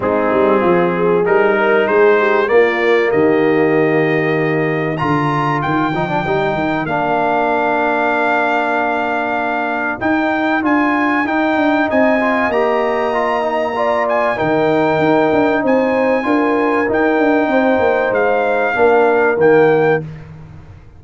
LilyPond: <<
  \new Staff \with { instrumentName = "trumpet" } { \time 4/4 \tempo 4 = 96 gis'2 ais'4 c''4 | d''4 dis''2. | ais''4 g''2 f''4~ | f''1 |
g''4 gis''4 g''4 gis''4 | ais''2~ ais''8 gis''8 g''4~ | g''4 gis''2 g''4~ | g''4 f''2 g''4 | }
  \new Staff \with { instrumentName = "horn" } { \time 4/4 dis'4 f'8 gis'4 ais'8 gis'8 g'8 | f'4 g'2. | ais'1~ | ais'1~ |
ais'2. dis''4~ | dis''2 d''4 ais'4~ | ais'4 c''4 ais'2 | c''2 ais'2 | }
  \new Staff \with { instrumentName = "trombone" } { \time 4/4 c'2 dis'2 | ais1 | f'4. dis'16 d'16 dis'4 d'4~ | d'1 |
dis'4 f'4 dis'4. f'8 | g'4 f'8 dis'8 f'4 dis'4~ | dis'2 f'4 dis'4~ | dis'2 d'4 ais4 | }
  \new Staff \with { instrumentName = "tuba" } { \time 4/4 gis8 g8 f4 g4 gis4 | ais4 dis2. | d4 dis8 f8 g8 dis8 ais4~ | ais1 |
dis'4 d'4 dis'8 d'8 c'4 | ais2. dis4 | dis'8 d'8 c'4 d'4 dis'8 d'8 | c'8 ais8 gis4 ais4 dis4 | }
>>